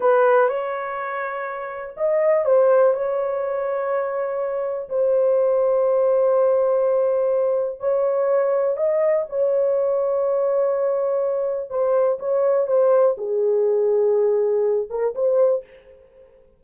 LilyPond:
\new Staff \with { instrumentName = "horn" } { \time 4/4 \tempo 4 = 123 b'4 cis''2. | dis''4 c''4 cis''2~ | cis''2 c''2~ | c''1 |
cis''2 dis''4 cis''4~ | cis''1 | c''4 cis''4 c''4 gis'4~ | gis'2~ gis'8 ais'8 c''4 | }